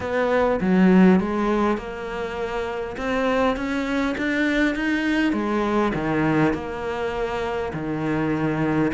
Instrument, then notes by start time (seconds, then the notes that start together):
cello
0.00 B3
0.60 F#3
1.20 G#3
1.77 A#3
2.97 C4
3.56 C#4
4.17 D4
4.75 D#4
5.32 G#3
5.94 D#3
6.53 A#3
7.73 D#3